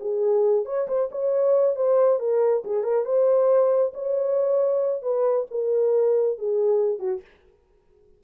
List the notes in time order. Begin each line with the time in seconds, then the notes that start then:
0.00 G#4
0.65 C#5
0.87 C5
1.11 C#5
1.76 C5
2.19 A#4
2.64 G#4
2.83 A#4
3.05 C5
3.94 C#5
5.02 B4
5.50 A#4
6.38 G#4
6.99 F#4